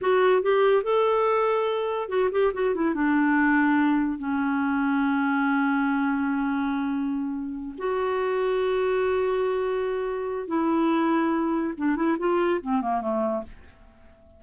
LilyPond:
\new Staff \with { instrumentName = "clarinet" } { \time 4/4 \tempo 4 = 143 fis'4 g'4 a'2~ | a'4 fis'8 g'8 fis'8 e'8 d'4~ | d'2 cis'2~ | cis'1~ |
cis'2~ cis'8 fis'4.~ | fis'1~ | fis'4 e'2. | d'8 e'8 f'4 c'8 ais8 a4 | }